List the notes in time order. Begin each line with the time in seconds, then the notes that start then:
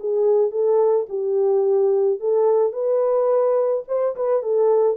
0.00 G#4
0.51 A4
1.09 G4
2.20 A4
2.73 B4
3.88 C5
4.16 B4
4.43 A4